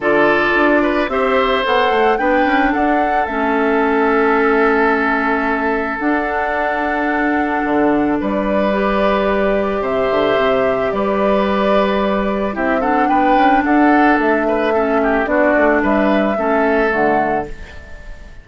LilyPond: <<
  \new Staff \with { instrumentName = "flute" } { \time 4/4 \tempo 4 = 110 d''2 e''4 fis''4 | g''4 fis''4 e''2~ | e''2. fis''4~ | fis''2. d''4~ |
d''2 e''2 | d''2. e''8 fis''8 | g''4 fis''4 e''2 | d''4 e''2 fis''4 | }
  \new Staff \with { instrumentName = "oboe" } { \time 4/4 a'4. b'8 c''2 | b'4 a'2.~ | a'1~ | a'2. b'4~ |
b'2 c''2 | b'2. g'8 a'8 | b'4 a'4. b'8 a'8 g'8 | fis'4 b'4 a'2 | }
  \new Staff \with { instrumentName = "clarinet" } { \time 4/4 f'2 g'4 a'4 | d'2 cis'2~ | cis'2. d'4~ | d'1 |
g'1~ | g'2. e'8 d'8~ | d'2. cis'4 | d'2 cis'4 a4 | }
  \new Staff \with { instrumentName = "bassoon" } { \time 4/4 d4 d'4 c'4 b8 a8 | b8 cis'8 d'4 a2~ | a2. d'4~ | d'2 d4 g4~ |
g2 c8 d8 c4 | g2. c'4 | b8 cis'8 d'4 a2 | b8 a8 g4 a4 d4 | }
>>